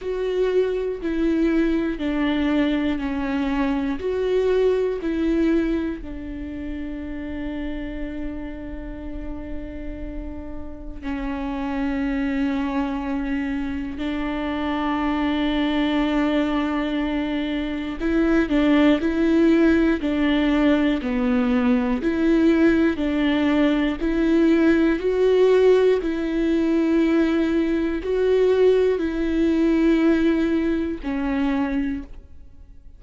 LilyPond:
\new Staff \with { instrumentName = "viola" } { \time 4/4 \tempo 4 = 60 fis'4 e'4 d'4 cis'4 | fis'4 e'4 d'2~ | d'2. cis'4~ | cis'2 d'2~ |
d'2 e'8 d'8 e'4 | d'4 b4 e'4 d'4 | e'4 fis'4 e'2 | fis'4 e'2 cis'4 | }